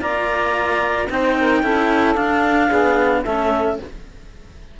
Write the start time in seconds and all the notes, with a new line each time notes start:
0.00 A#3 F4 D5 A#5
1.10 C4 D#4 C5 G5
1.40 A#4
1.63 C#4 E4 A4
2.15 D4 F5
2.68 B3 G#4
3.24 A3 C#4 A4 E5